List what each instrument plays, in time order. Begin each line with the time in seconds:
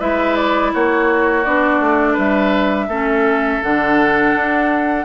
0.00 bassoon G#3, clarinet E4, oboe B4, flute E5
0.36 flute D5
0.74 bassoon A#3, oboe F#4, flute C#5
1.44 bassoon B3, clarinet D4, flute D5
1.80 bassoon A3
2.13 bassoon G3, oboe B4, flute E5
2.88 bassoon A3, clarinet C#4, oboe A4
3.62 bassoon D3, clarinet D4, flute F#5
4.35 bassoon D4